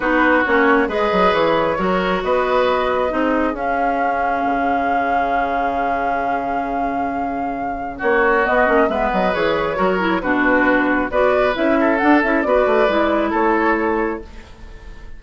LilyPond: <<
  \new Staff \with { instrumentName = "flute" } { \time 4/4 \tempo 4 = 135 b'4 cis''4 dis''4 cis''4~ | cis''4 dis''2. | f''1~ | f''1~ |
f''2 cis''4 dis''4 | e''8 dis''8 cis''2 b'4~ | b'4 d''4 e''4 fis''8 e''8 | d''2 cis''2 | }
  \new Staff \with { instrumentName = "oboe" } { \time 4/4 fis'2 b'2 | ais'4 b'2 gis'4~ | gis'1~ | gis'1~ |
gis'2 fis'2 | b'2 ais'4 fis'4~ | fis'4 b'4. a'4. | b'2 a'2 | }
  \new Staff \with { instrumentName = "clarinet" } { \time 4/4 dis'4 cis'4 gis'2 | fis'2. dis'4 | cis'1~ | cis'1~ |
cis'2. b8 cis'8 | b4 gis'4 fis'8 e'8 d'4~ | d'4 fis'4 e'4 d'8 e'8 | fis'4 e'2. | }
  \new Staff \with { instrumentName = "bassoon" } { \time 4/4 b4 ais4 gis8 fis8 e4 | fis4 b2 c'4 | cis'2 cis2~ | cis1~ |
cis2 ais4 b8 ais8 | gis8 fis8 e4 fis4 b,4~ | b,4 b4 cis'4 d'8 cis'8 | b8 a8 gis4 a2 | }
>>